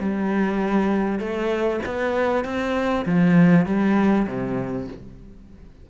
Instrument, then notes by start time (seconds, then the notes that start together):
cello
0.00 G3
1.19 A3
1.86 B3
2.44 C4
3.06 F3
3.66 G3
4.27 C3